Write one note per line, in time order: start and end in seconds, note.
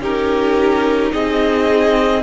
0.00 1.11 C#4
0.00 2.23 D#4
0.00 1.12 G4
0.00 1.13 A#4
1.13 2.23 C4
1.13 2.23 G#4
1.13 2.23 D#5